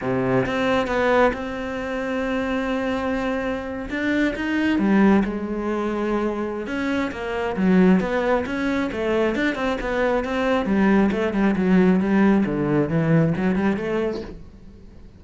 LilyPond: \new Staff \with { instrumentName = "cello" } { \time 4/4 \tempo 4 = 135 c4 c'4 b4 c'4~ | c'1~ | c'8. d'4 dis'4 g4 gis16~ | gis2. cis'4 |
ais4 fis4 b4 cis'4 | a4 d'8 c'8 b4 c'4 | g4 a8 g8 fis4 g4 | d4 e4 fis8 g8 a4 | }